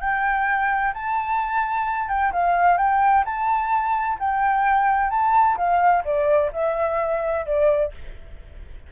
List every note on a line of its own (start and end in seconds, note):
0.00 0.93 G5
0.93 2.08 A5
2.08 2.32 G5
2.32 2.77 F5
2.77 3.24 G5
3.25 4.18 A5
4.18 5.10 G5
5.10 5.56 A5
5.56 6.03 F5
6.04 6.51 D5
6.52 7.45 E5
7.45 7.92 D5